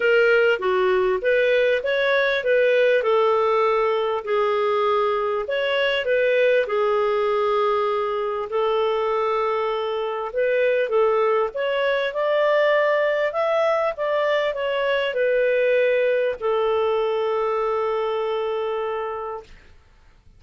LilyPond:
\new Staff \with { instrumentName = "clarinet" } { \time 4/4 \tempo 4 = 99 ais'4 fis'4 b'4 cis''4 | b'4 a'2 gis'4~ | gis'4 cis''4 b'4 gis'4~ | gis'2 a'2~ |
a'4 b'4 a'4 cis''4 | d''2 e''4 d''4 | cis''4 b'2 a'4~ | a'1 | }